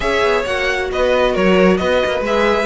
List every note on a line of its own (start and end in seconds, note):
0.00 0.22 C#4
0.00 0.44 G#4
0.00 0.90 C#5
0.00 0.45 E5
0.22 0.45 B3
0.45 0.90 A#3
0.45 2.24 F#4
0.45 0.90 F#5
0.91 1.36 B3
0.91 1.32 B4
0.91 1.35 D#5
1.32 1.80 F#3
1.32 1.77 A#4
1.32 1.77 C#5
1.77 2.03 B3
1.77 2.66 B4
1.77 2.22 D#5
2.06 2.20 A#3
2.20 2.65 G#3
2.20 2.66 G#4
2.20 2.66 E5